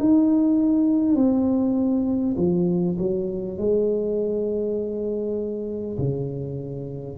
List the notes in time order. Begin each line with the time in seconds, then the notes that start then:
0.00 D#4
1.16 C4
2.38 F3
2.99 F#3
3.58 G#3
5.99 C#3